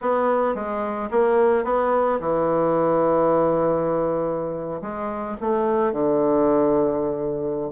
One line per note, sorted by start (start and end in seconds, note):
0.01 0.54 B3
0.54 1.09 G#3
1.10 1.64 A#3
1.64 2.19 B3
2.19 4.81 E3
4.81 5.36 G#3
5.41 5.92 A3
5.92 7.71 D3